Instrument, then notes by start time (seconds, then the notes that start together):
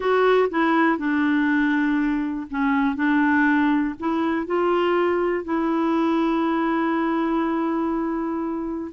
clarinet
0.00 F#4
0.50 E4
0.98 D4
2.50 C#4
2.95 D4
3.99 E4
4.46 F4
5.44 E4